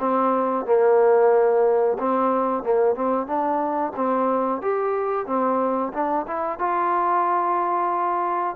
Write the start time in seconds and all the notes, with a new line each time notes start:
0.00 C4
0.66 A#3
1.99 C4
2.64 A#3
2.96 C4
3.27 D4
3.97 C4
4.62 G4
5.27 C4
5.94 D4
6.28 E4
6.59 F4